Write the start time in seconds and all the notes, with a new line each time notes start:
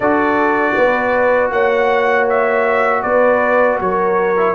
0.00 D4 F#4 A4 D5
0.75 B3 B4
1.50 A#3 C#5 F#5
2.29 E5
3.02 B3 B4 D5
3.80 F#3 A#4 C#5
4.37 E4